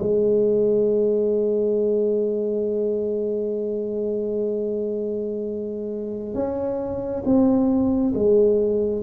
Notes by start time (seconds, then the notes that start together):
0.00 G#3
6.35 C#4
7.26 C4
8.15 G#3